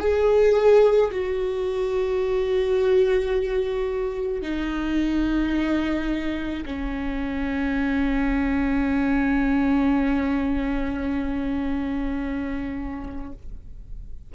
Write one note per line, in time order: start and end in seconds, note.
0.00 1.11 G#4
1.12 4.42 F#4
4.42 6.65 D#4
6.66 13.33 C#4